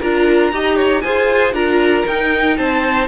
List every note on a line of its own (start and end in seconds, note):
0.00 0.52 D4
0.00 0.53 F4
0.00 0.51 A#4
0.00 1.01 A#5
0.52 1.04 D#4
0.52 1.04 G4
0.52 0.77 D#5
0.77 1.02 C#5
1.01 1.53 F4
1.01 1.55 G#4
1.01 1.54 C5
1.01 1.53 G#5
1.53 2.05 D4
1.53 2.06 F4
1.53 2.57 A#4
1.53 2.06 A#5
2.08 2.59 D#4
2.08 3.08 D#4
2.08 2.58 G5
2.58 3.08 C4
2.58 3.08 C5
2.58 3.08 A5